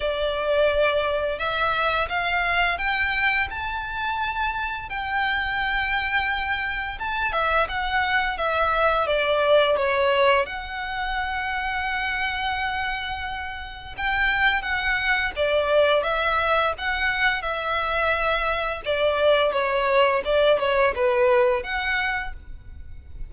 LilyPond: \new Staff \with { instrumentName = "violin" } { \time 4/4 \tempo 4 = 86 d''2 e''4 f''4 | g''4 a''2 g''4~ | g''2 a''8 e''8 fis''4 | e''4 d''4 cis''4 fis''4~ |
fis''1 | g''4 fis''4 d''4 e''4 | fis''4 e''2 d''4 | cis''4 d''8 cis''8 b'4 fis''4 | }